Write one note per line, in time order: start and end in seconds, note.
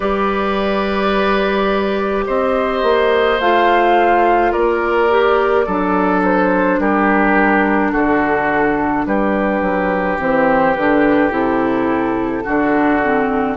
0.00 2.26 G3
0.00 3.40 G4
0.00 2.24 B4
0.00 2.25 D5
2.26 2.82 C4
2.26 4.51 C5
2.26 3.40 D#5
2.82 3.39 A#3
3.39 4.53 A3
3.39 5.09 F4
3.39 4.51 F5
4.51 5.67 A#3
4.51 5.65 A#4
4.51 6.21 D5
5.09 5.66 G4
5.66 6.78 F#3
5.66 10.19 D4
5.66 6.79 A4
6.24 6.80 C5
6.78 7.92 G3
6.78 7.91 G4
6.78 7.92 A#4
7.91 9.06 D3
7.91 9.04 F#4
7.91 9.06 A4
9.06 9.61 G3
9.06 12.43 G4
9.06 10.19 B4
9.61 10.18 F#3
10.19 10.75 E3
10.19 10.75 C4
10.19 10.74 C5
10.74 11.30 D3
10.74 11.29 D4
10.74 11.31 B4
11.29 12.43 C3
11.29 12.43 E4
11.29 13.56 A4
12.43 13.56 D3
12.43 13.00 D4
12.43 13.56 F#4
13.01 13.56 C4